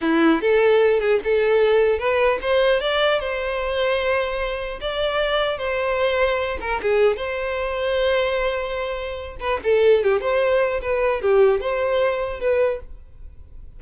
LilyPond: \new Staff \with { instrumentName = "violin" } { \time 4/4 \tempo 4 = 150 e'4 a'4. gis'8 a'4~ | a'4 b'4 c''4 d''4 | c''1 | d''2 c''2~ |
c''8 ais'8 gis'4 c''2~ | c''2.~ c''8 b'8 | a'4 g'8 c''4. b'4 | g'4 c''2 b'4 | }